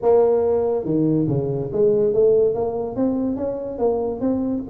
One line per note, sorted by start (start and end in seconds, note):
0.02 0.84 A#3
0.84 1.27 D#3
1.28 1.70 C#3
1.72 2.13 G#3
2.13 2.54 A3
2.54 2.96 A#3
2.96 3.36 C4
3.36 3.78 C#4
3.78 4.20 A#3
4.20 4.62 C4